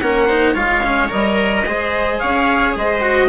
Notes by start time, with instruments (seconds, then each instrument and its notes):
0.00 bassoon A#3, cello C#4, viola A#4, trumpet F#5
0.26 cello D#4, viola C5
0.53 bassoon G#3, cello F4, viola C#5, trumpet F5
0.83 cello C#4
1.08 bassoon G3, cello A#4, trumpet D#5
1.64 bassoon G#3, cello G#4, viola C5
2.19 bassoon C#4, viola C#5, trumpet F5
2.75 bassoon G#3, viola C5, trumpet D#5
3.01 cello F#4